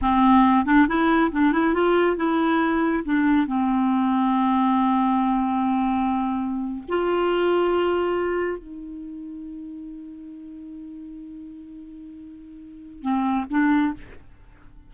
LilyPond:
\new Staff \with { instrumentName = "clarinet" } { \time 4/4 \tempo 4 = 138 c'4. d'8 e'4 d'8 e'8 | f'4 e'2 d'4 | c'1~ | c'2.~ c'8. f'16~ |
f'2.~ f'8. dis'16~ | dis'1~ | dis'1~ | dis'2 c'4 d'4 | }